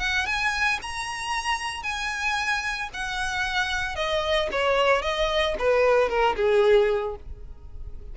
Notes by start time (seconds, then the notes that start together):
0.00 F#5
0.26 G#5
0.83 A#5
1.83 G#5
2.94 F#5
3.96 D#5
4.52 C#5
5.02 D#5
5.59 B4
6.10 A#4
6.36 G#4